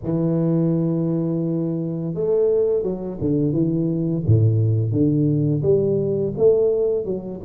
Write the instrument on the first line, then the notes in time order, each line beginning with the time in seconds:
tuba
0.04 E3
2.14 A3
2.82 F#3
3.20 D3
3.52 E3
4.25 A2
4.91 D3
5.62 G3
6.37 A3
7.04 F#3